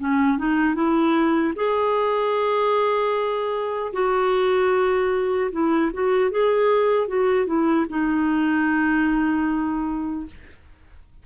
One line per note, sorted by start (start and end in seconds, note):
0.00 0.38 C#4
0.38 0.75 D#4
0.75 1.54 E4
1.56 3.93 G#4
3.94 5.52 F#4
5.52 5.92 E4
5.94 6.31 F#4
6.31 7.08 G#4
7.08 7.47 F#4
7.47 7.86 E4
7.89 10.26 D#4